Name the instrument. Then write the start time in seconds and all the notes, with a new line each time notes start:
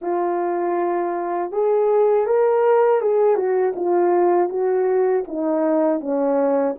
horn
0.01 F4
1.51 G#4
2.26 A#4
3.01 G#4
3.35 F#4
3.75 F4
4.49 F#4
5.27 D#4
6.00 C#4